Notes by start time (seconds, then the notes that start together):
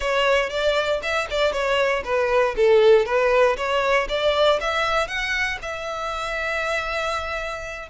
0.00 C#5
0.49 D5
1.02 E5
1.30 D5
1.52 C#5
2.04 B4
2.56 A4
3.05 B4
3.56 C#5
4.08 D5
4.60 E5
5.07 F#5
5.62 E5